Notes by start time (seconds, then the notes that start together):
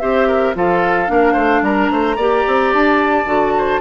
0.00 C4 G4 C5 E5
0.28 A#4
0.55 F3 F4 A4 F5
1.07 A#3 D4 A#4
1.33 A3 C5
1.62 G3 A#4 A#5
1.91 A3 C5
2.17 A#3 G4 D5
2.47 C4
2.74 D4 A5
3.25 D3 F#4
3.58 C5